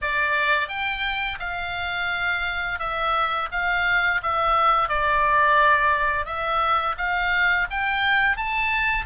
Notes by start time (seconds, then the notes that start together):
0.01 D5
0.68 G5
1.39 F5
2.79 E5
3.51 F5
4.22 E5
4.88 D5
6.25 E5
6.97 F5
7.70 G5
8.36 A5